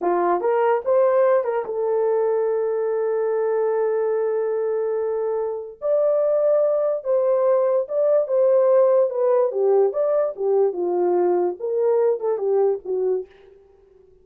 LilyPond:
\new Staff \with { instrumentName = "horn" } { \time 4/4 \tempo 4 = 145 f'4 ais'4 c''4. ais'8 | a'1~ | a'1~ | a'2 d''2~ |
d''4 c''2 d''4 | c''2 b'4 g'4 | d''4 g'4 f'2 | ais'4. a'8 g'4 fis'4 | }